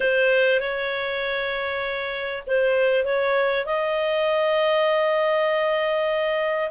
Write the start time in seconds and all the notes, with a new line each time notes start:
0.00 C5
0.60 C#5
2.47 C5
3.04 C#5
3.65 D#5